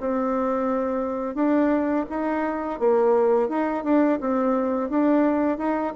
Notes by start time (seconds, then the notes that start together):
0.00 C4
1.35 D4
2.10 D#4
2.80 A#3
3.49 D#4
3.84 D4
4.21 C4
4.90 D4
5.58 D#4